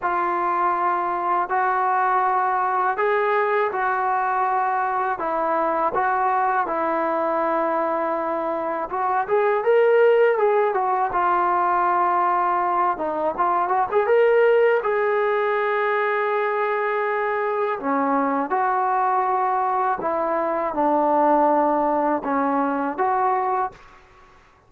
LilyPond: \new Staff \with { instrumentName = "trombone" } { \time 4/4 \tempo 4 = 81 f'2 fis'2 | gis'4 fis'2 e'4 | fis'4 e'2. | fis'8 gis'8 ais'4 gis'8 fis'8 f'4~ |
f'4. dis'8 f'8 fis'16 gis'16 ais'4 | gis'1 | cis'4 fis'2 e'4 | d'2 cis'4 fis'4 | }